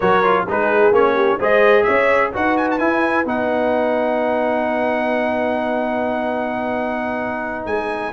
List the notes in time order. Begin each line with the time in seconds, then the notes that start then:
0.00 F#3 F#4 A#4 C#5
0.23 F4
0.47 G#3 D#4 G#4 B4
0.91 A#3 C#4 C#5
1.15 G4
1.39 G#3 G#4 C5 D#5
1.83 C#4 C#5 E5
2.32 D#4 F#4 B4 F#5
2.57 G#5
2.70 A5
2.78 E4 G#5
3.25 B3 D#4 F#5
7.65 G#3 G#5